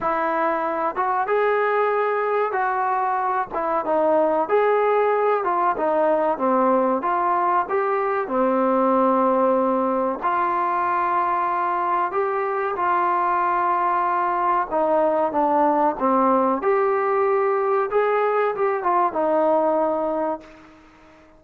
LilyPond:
\new Staff \with { instrumentName = "trombone" } { \time 4/4 \tempo 4 = 94 e'4. fis'8 gis'2 | fis'4. e'8 dis'4 gis'4~ | gis'8 f'8 dis'4 c'4 f'4 | g'4 c'2. |
f'2. g'4 | f'2. dis'4 | d'4 c'4 g'2 | gis'4 g'8 f'8 dis'2 | }